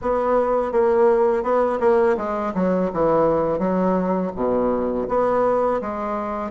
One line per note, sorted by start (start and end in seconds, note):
0.01 0.72 B3
0.72 1.43 A#3
1.43 1.79 B3
1.80 2.16 A#3
2.17 2.53 G#3
2.54 2.90 F#3
2.93 3.58 E3
3.58 4.31 F#3
4.35 5.07 B2
5.08 5.80 B3
5.81 6.51 G#3